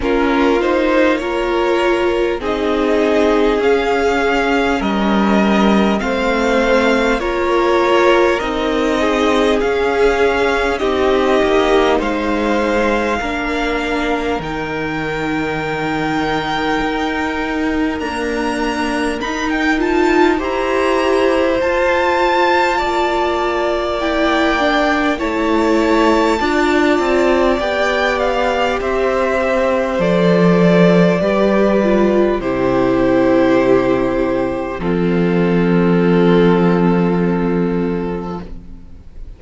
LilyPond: <<
  \new Staff \with { instrumentName = "violin" } { \time 4/4 \tempo 4 = 50 ais'8 c''8 cis''4 dis''4 f''4 | dis''4 f''4 cis''4 dis''4 | f''4 dis''4 f''2 | g''2. ais''4 |
b''16 g''16 a''8 ais''4 a''2 | g''4 a''2 g''8 f''8 | e''4 d''2 c''4~ | c''4 a'2. | }
  \new Staff \with { instrumentName = "violin" } { \time 4/4 f'4 ais'4 gis'2 | ais'4 c''4 ais'4. gis'8~ | gis'4 g'4 c''4 ais'4~ | ais'1~ |
ais'4 c''2 d''4~ | d''4 cis''4 d''2 | c''2 b'4 g'4~ | g'4 f'2. | }
  \new Staff \with { instrumentName = "viola" } { \time 4/4 cis'8 dis'8 f'4 dis'4 cis'4~ | cis'4 c'4 f'4 dis'4 | cis'4 dis'2 d'4 | dis'2. ais4 |
dis'8 f'8 g'4 f'2 | e'8 d'8 e'4 f'4 g'4~ | g'4 a'4 g'8 f'8 e'4~ | e'4 c'2. | }
  \new Staff \with { instrumentName = "cello" } { \time 4/4 ais2 c'4 cis'4 | g4 a4 ais4 c'4 | cis'4 c'8 ais8 gis4 ais4 | dis2 dis'4 d'4 |
dis'4 e'4 f'4 ais4~ | ais4 a4 d'8 c'8 b4 | c'4 f4 g4 c4~ | c4 f2. | }
>>